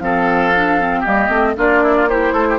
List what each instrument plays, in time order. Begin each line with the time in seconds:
0.00 bassoon F3, clarinet C4, oboe A4, flute F5
0.56 clarinet D4
0.81 clarinet C4
1.01 bassoon G3, clarinet A#3, oboe G4, flute D#5
1.29 bassoon A3, clarinet C4
1.57 bassoon A#3, clarinet D4, oboe F4, flute D5
1.83 oboe E4
1.96 oboe F4
2.09 clarinet E4, oboe G4, flute C5
2.33 bassoon A3, oboe A4
2.50 oboe G4